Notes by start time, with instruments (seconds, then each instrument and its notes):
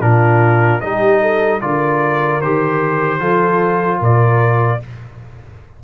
0.00 tuba A#2, trombone D4, horn F4, trumpet A#4
0.80 tuba G3, trombone D#4, horn G4, trumpet D#5
1.21 horn A4
1.61 tuba D3, trombone F4, horn A#4, trumpet D5
2.41 tuba D#3, trombone G4, trumpet C5
3.19 tuba F3, trombone F4, horn A4
3.99 tuba A#2, horn A#4, trumpet D5